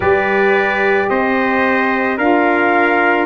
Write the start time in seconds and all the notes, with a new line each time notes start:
0.00 G3 G4 B4 D5
1.09 C4 C5 D#5
2.17 D4 F4 A#4 F5